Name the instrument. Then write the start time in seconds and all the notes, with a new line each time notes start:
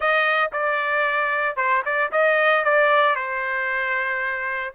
trumpet
0.00 D#5
0.52 D5
1.56 C5
1.85 D5
2.11 D#5
2.64 D5
3.15 C5